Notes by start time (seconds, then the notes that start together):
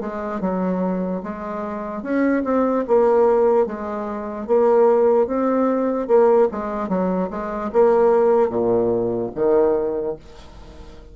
0.00 G#3
0.41 F#3
1.23 G#3
2.02 C#4
2.44 C4
2.87 A#3
3.66 G#3
4.47 A#3
5.27 C4
6.07 A#3
6.51 G#3
6.88 F#3
7.30 G#3
7.72 A#3
8.50 A#2
9.35 D#3